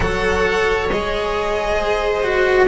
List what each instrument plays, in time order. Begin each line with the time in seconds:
0.00 double bass F#3, cello A4, viola C#5, violin F#5
0.90 double bass G#3, cello G#4, violin D#5
1.77 viola C5
2.23 cello F#4